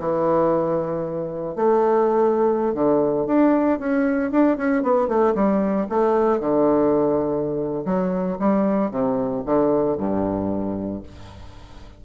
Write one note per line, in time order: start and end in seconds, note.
0.00 1.56 E3
1.56 2.74 A3
2.74 3.27 D3
3.27 3.79 D4
3.79 4.32 C#4
4.32 4.58 D4
4.58 4.83 C#4
4.83 5.08 B3
5.08 5.34 A3
5.35 5.88 G3
5.89 6.40 A3
6.40 7.85 D3
7.86 8.38 F#3
8.39 8.91 G3
8.91 9.44 C3
9.46 9.98 D3
9.98 11.03 G2